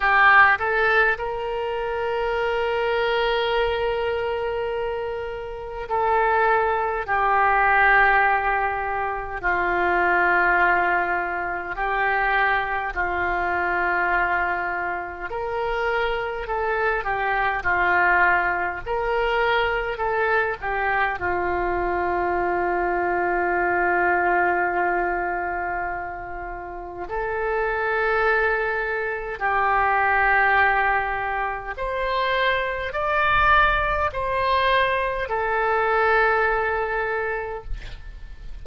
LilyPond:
\new Staff \with { instrumentName = "oboe" } { \time 4/4 \tempo 4 = 51 g'8 a'8 ais'2.~ | ais'4 a'4 g'2 | f'2 g'4 f'4~ | f'4 ais'4 a'8 g'8 f'4 |
ais'4 a'8 g'8 f'2~ | f'2. a'4~ | a'4 g'2 c''4 | d''4 c''4 a'2 | }